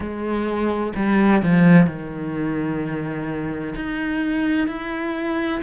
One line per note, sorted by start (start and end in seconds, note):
0.00 0.93 G#3
0.95 1.42 G3
1.42 1.87 F3
1.87 3.74 D#3
3.75 4.67 D#4
4.67 5.61 E4